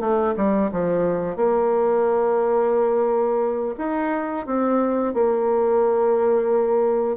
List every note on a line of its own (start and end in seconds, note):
0.00 0.34 A3
0.37 0.71 G3
0.72 1.36 F3
1.36 3.75 A#3
3.78 4.46 D#4
4.46 5.14 C4
5.14 7.17 A#3